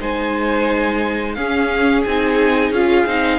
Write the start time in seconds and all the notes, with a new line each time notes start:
0.00 G#3 D#4 C5 G#5
1.35 C#4 G#4 F5
2.04 C4 D#4 G#5
2.71 C#4 F4 F5
3.07 C4 D#4